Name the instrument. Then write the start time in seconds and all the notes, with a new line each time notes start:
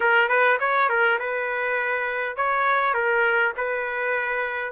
trumpet
0.00 A#4
0.28 B4
0.59 C#5
0.89 A#4
1.19 B4
2.36 C#5
2.94 A#4
3.56 B4